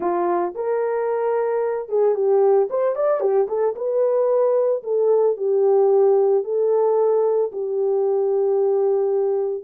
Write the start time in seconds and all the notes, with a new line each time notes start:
0.00 F4
0.55 A#4
1.88 G#4
2.15 G4
2.70 C5
2.95 D5
3.20 G4
3.47 A4
3.75 B4
4.83 A4
5.36 G4
6.44 A4
7.51 G4